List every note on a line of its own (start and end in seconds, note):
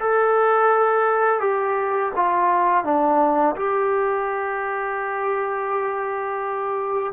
0.00 1.40 A4
1.40 2.12 G4
2.16 2.84 F4
2.84 3.56 D4
3.56 7.13 G4